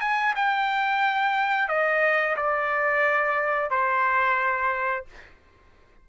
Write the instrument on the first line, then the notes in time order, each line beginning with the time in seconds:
trumpet
0.00 G#5
0.35 G5
1.68 D#5
2.36 D5
3.70 C5